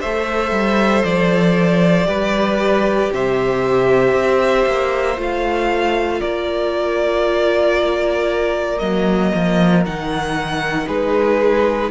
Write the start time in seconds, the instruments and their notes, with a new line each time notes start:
0.00 cello A3, viola A4, violin C5 E5
0.51 cello G3
1.03 cello F3, violin D5
2.05 cello G3, viola G4, violin B4
3.12 cello C3, violin C5 E5
4.13 cello C4
4.66 cello A#3
5.16 cello A3, viola F4, violin F5
6.19 cello A#3, violin A#4 D5
8.78 cello F#3, viola A#3, violin D#5
9.34 cello F3
9.85 cello D#3, viola D#4, violin F#5
10.87 cello G#3, violin G#4 B4